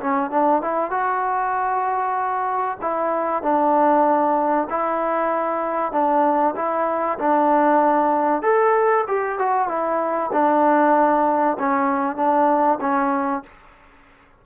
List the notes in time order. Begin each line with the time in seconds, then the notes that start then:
0.00 C#4
0.31 D4
0.62 E4
0.90 F#4
2.82 E4
3.43 D4
4.70 E4
5.92 D4
6.56 E4
7.19 D4
8.42 A4
9.07 G4
9.39 F#4
9.68 E4
10.33 D4
11.59 C#4
12.16 D4
12.81 C#4